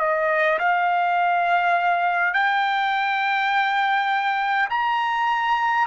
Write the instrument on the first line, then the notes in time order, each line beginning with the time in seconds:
trumpet
0.00 D#5
0.59 F5
2.34 G5
4.70 A#5